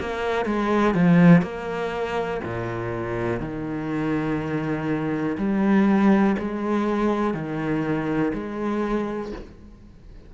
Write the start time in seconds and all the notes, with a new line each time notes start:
0.00 A#3
0.46 G#3
0.94 F3
1.42 A#3
2.44 A#2
3.40 D#3
5.37 G3
6.38 G#3
7.34 D#3
8.33 G#3